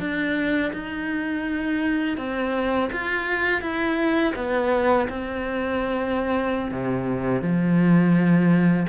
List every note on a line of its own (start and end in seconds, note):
0.00 0.72 D4
0.73 2.18 D#4
2.18 2.90 C4
2.93 3.62 F4
3.62 4.34 E4
4.36 5.08 B3
5.09 6.72 C4
6.72 7.42 C3
7.42 8.87 F3